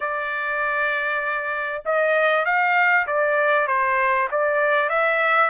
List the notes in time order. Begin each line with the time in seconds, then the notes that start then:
0.00 D5
1.85 D#5
2.45 F5
3.06 D5
3.67 C5
4.31 D5
4.89 E5